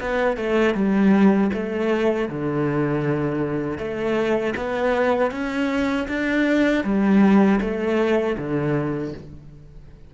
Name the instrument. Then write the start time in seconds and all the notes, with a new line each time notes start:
cello
0.00 B3
0.36 A3
0.74 G3
1.53 A3
2.28 D3
3.78 A3
4.56 B3
5.31 C#4
6.08 D4
6.84 G3
7.60 A3
8.37 D3